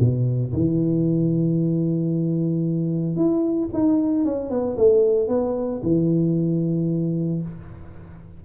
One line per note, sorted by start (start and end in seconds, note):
0.00 0.53 B2
0.53 3.16 E3
3.16 3.69 E4
3.74 4.25 D#4
4.25 4.50 C#4
4.50 4.77 B3
4.77 5.28 A3
5.28 5.81 B3
5.83 7.42 E3